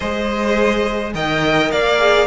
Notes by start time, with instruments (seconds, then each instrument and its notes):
0.00 cello G#3, viola G#4, violin C5 D#5
1.14 cello D#3, viola A#4, violin D#5 G5
1.71 cello A#3, violin D5 F5
1.98 viola G#4